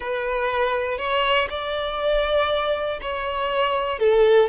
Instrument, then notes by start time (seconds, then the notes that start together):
violin
0.00 B4
0.97 C#5
1.49 D5
3.01 C#5
3.99 A4